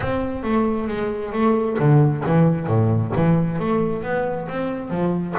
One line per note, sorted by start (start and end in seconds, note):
0.00 0.43 C4
0.43 0.87 A3
0.88 1.32 G#3
1.32 1.77 A3
1.79 2.23 D3
2.26 2.67 E3
2.67 3.12 A2
3.15 3.59 E3
3.59 4.02 A3
4.02 4.47 B3
4.48 4.90 C4
4.90 5.34 F3